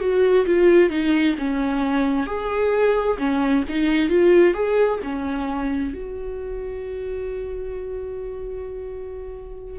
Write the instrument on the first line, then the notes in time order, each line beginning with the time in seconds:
viola
0.00 F#4
0.46 F4
0.90 D#4
1.38 C#4
2.26 G#4
3.18 C#4
3.69 D#4
4.09 F4
4.54 G#4
5.03 C#4
5.94 F#4